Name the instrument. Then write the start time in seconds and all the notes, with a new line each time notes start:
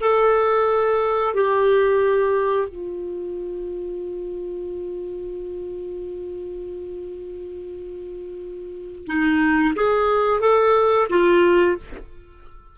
clarinet
0.00 A4
1.34 G4
2.68 F4
9.06 D#4
9.75 G#4
10.40 A4
11.09 F4